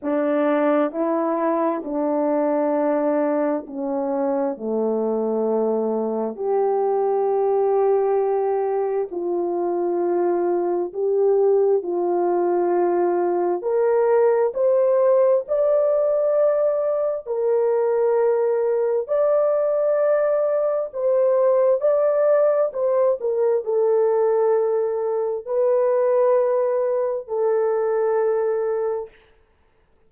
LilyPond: \new Staff \with { instrumentName = "horn" } { \time 4/4 \tempo 4 = 66 d'4 e'4 d'2 | cis'4 a2 g'4~ | g'2 f'2 | g'4 f'2 ais'4 |
c''4 d''2 ais'4~ | ais'4 d''2 c''4 | d''4 c''8 ais'8 a'2 | b'2 a'2 | }